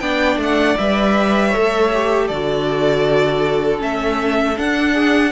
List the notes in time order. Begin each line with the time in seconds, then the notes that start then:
0.00 B3 D4 D5 G5
0.37 A3 F#5
0.78 G3 B4 E5
1.49 A4 C#5
1.57 A3
1.94 G4
2.28 D3 F#4 A4 D5
3.79 A3 C#4 E5
4.57 D4 F#5
4.93 G#4